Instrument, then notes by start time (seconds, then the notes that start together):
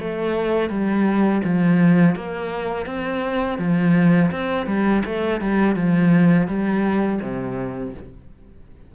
cello
0.00 A3
0.70 G3
1.45 F3
2.16 A#3
2.87 C4
3.59 F3
4.31 C4
4.67 G3
5.06 A3
5.41 G3
5.76 F3
6.48 G3
7.22 C3